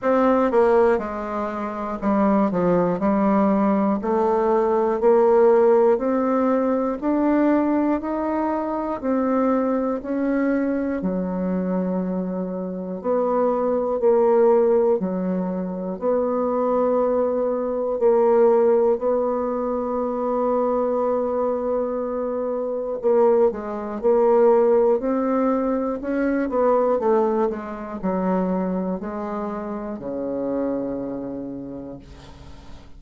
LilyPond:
\new Staff \with { instrumentName = "bassoon" } { \time 4/4 \tempo 4 = 60 c'8 ais8 gis4 g8 f8 g4 | a4 ais4 c'4 d'4 | dis'4 c'4 cis'4 fis4~ | fis4 b4 ais4 fis4 |
b2 ais4 b4~ | b2. ais8 gis8 | ais4 c'4 cis'8 b8 a8 gis8 | fis4 gis4 cis2 | }